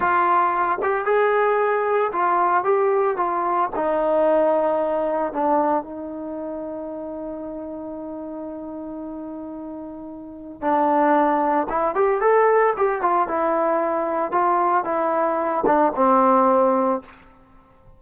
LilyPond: \new Staff \with { instrumentName = "trombone" } { \time 4/4 \tempo 4 = 113 f'4. g'8 gis'2 | f'4 g'4 f'4 dis'4~ | dis'2 d'4 dis'4~ | dis'1~ |
dis'1 | d'2 e'8 g'8 a'4 | g'8 f'8 e'2 f'4 | e'4. d'8 c'2 | }